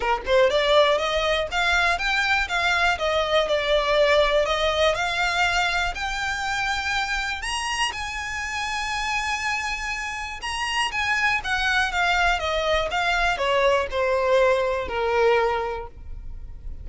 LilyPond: \new Staff \with { instrumentName = "violin" } { \time 4/4 \tempo 4 = 121 ais'8 c''8 d''4 dis''4 f''4 | g''4 f''4 dis''4 d''4~ | d''4 dis''4 f''2 | g''2. ais''4 |
gis''1~ | gis''4 ais''4 gis''4 fis''4 | f''4 dis''4 f''4 cis''4 | c''2 ais'2 | }